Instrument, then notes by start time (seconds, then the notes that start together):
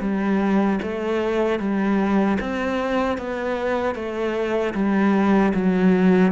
cello
0.00 G3
0.82 A3
1.59 G3
2.40 C4
3.18 B3
3.94 A3
4.74 G3
5.54 F#3